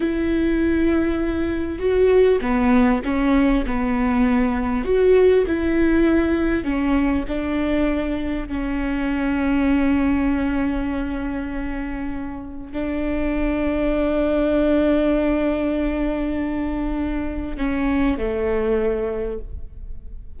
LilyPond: \new Staff \with { instrumentName = "viola" } { \time 4/4 \tempo 4 = 99 e'2. fis'4 | b4 cis'4 b2 | fis'4 e'2 cis'4 | d'2 cis'2~ |
cis'1~ | cis'4 d'2.~ | d'1~ | d'4 cis'4 a2 | }